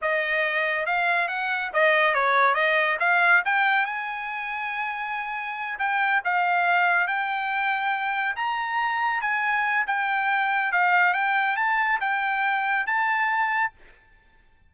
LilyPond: \new Staff \with { instrumentName = "trumpet" } { \time 4/4 \tempo 4 = 140 dis''2 f''4 fis''4 | dis''4 cis''4 dis''4 f''4 | g''4 gis''2.~ | gis''4. g''4 f''4.~ |
f''8 g''2. ais''8~ | ais''4. gis''4. g''4~ | g''4 f''4 g''4 a''4 | g''2 a''2 | }